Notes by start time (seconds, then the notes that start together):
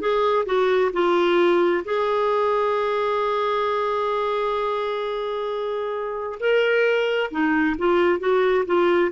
0.00 G#4
0.46 F#4
0.93 F4
1.84 G#4
6.40 A#4
7.31 D#4
7.78 F4
8.19 F#4
8.66 F4